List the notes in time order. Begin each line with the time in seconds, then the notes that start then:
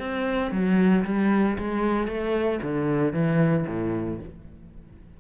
0.00 C4
0.52 F#3
1.05 G3
1.59 G#3
2.08 A3
2.62 D3
3.13 E3
3.68 A2